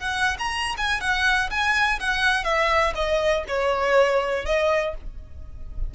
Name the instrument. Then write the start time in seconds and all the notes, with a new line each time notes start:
violin
0.00 F#5
0.39 A#5
0.78 G#5
1.01 F#5
1.50 G#5
2.00 F#5
2.44 E5
2.95 D#5
3.48 C#5
4.45 D#5